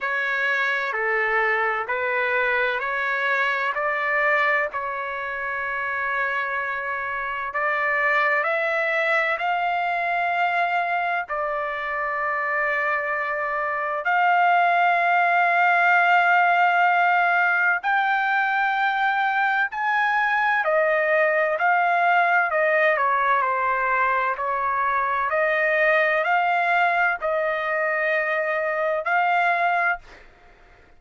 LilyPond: \new Staff \with { instrumentName = "trumpet" } { \time 4/4 \tempo 4 = 64 cis''4 a'4 b'4 cis''4 | d''4 cis''2. | d''4 e''4 f''2 | d''2. f''4~ |
f''2. g''4~ | g''4 gis''4 dis''4 f''4 | dis''8 cis''8 c''4 cis''4 dis''4 | f''4 dis''2 f''4 | }